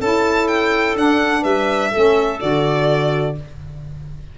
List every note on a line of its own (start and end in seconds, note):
0.00 0.96 C#4
0.00 0.96 E4
0.00 1.42 A4
0.00 0.48 A5
0.48 0.96 G5
0.96 1.92 D4
0.96 1.44 D4
0.96 1.44 F#5
1.42 1.92 G3
1.42 1.90 B4
1.42 2.40 E5
1.91 2.42 A3
1.91 2.40 C#4
1.91 3.35 A4
2.40 3.38 D3
2.40 3.36 F#4
2.40 3.36 D5